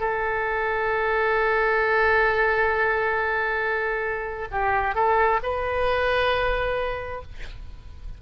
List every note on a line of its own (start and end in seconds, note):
0.00 4.48 A4
4.51 4.95 G4
4.95 5.39 A4
5.43 7.22 B4